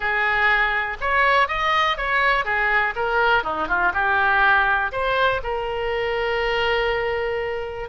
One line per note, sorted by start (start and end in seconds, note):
0.00 0.97 G#4
1.00 1.48 C#5
1.48 1.97 D#5
1.97 2.45 C#5
2.45 2.94 G#4
2.95 3.43 A#4
3.43 3.68 D#4
3.68 3.92 F4
3.93 4.91 G4
4.92 5.41 C5
5.43 7.89 A#4